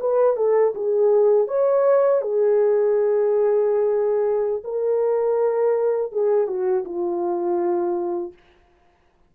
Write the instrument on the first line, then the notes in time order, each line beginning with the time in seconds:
horn
0.00 B4
0.37 A4
0.75 G#4
1.48 C#5
2.22 G#4
4.64 A#4
6.12 G#4
6.47 F#4
6.85 F4